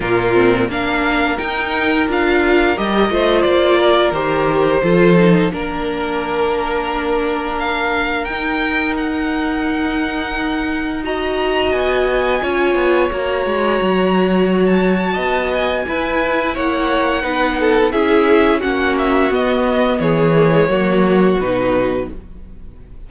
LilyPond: <<
  \new Staff \with { instrumentName = "violin" } { \time 4/4 \tempo 4 = 87 ais'4 f''4 g''4 f''4 | dis''4 d''4 c''2 | ais'2. f''4 | g''4 fis''2. |
ais''4 gis''2 ais''4~ | ais''4~ ais''16 a''4~ a''16 gis''4. | fis''2 e''4 fis''8 e''8 | dis''4 cis''2 b'4 | }
  \new Staff \with { instrumentName = "violin" } { \time 4/4 f'4 ais'2.~ | ais'8 c''4 ais'4. a'4 | ais'1~ | ais'1 |
dis''2 cis''2~ | cis''2 dis''4 b'4 | cis''4 b'8 a'8 gis'4 fis'4~ | fis'4 gis'4 fis'2 | }
  \new Staff \with { instrumentName = "viola" } { \time 4/4 ais8 c'8 d'4 dis'4 f'4 | g'8 f'4. g'4 f'8 dis'8 | d'1 | dis'1 |
fis'2 f'4 fis'4~ | fis'2. e'4~ | e'4 dis'4 e'4 cis'4 | b4. ais16 gis16 ais4 dis'4 | }
  \new Staff \with { instrumentName = "cello" } { \time 4/4 ais,4 ais4 dis'4 d'4 | g8 a8 ais4 dis4 f4 | ais1 | dis'1~ |
dis'4 b4 cis'8 b8 ais8 gis8 | fis2 b4 e'4 | ais4 b4 cis'4 ais4 | b4 e4 fis4 b,4 | }
>>